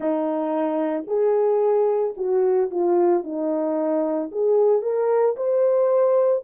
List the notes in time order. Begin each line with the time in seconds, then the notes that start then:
0.00 D#4
1.07 G#4
2.17 F#4
2.70 F4
3.23 D#4
4.31 G#4
4.82 A#4
5.36 C5